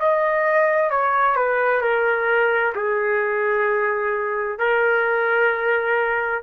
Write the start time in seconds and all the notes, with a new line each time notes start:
0.00 D#5
0.91 C#5
1.36 B4
1.82 A#4
2.76 G#4
4.59 A#4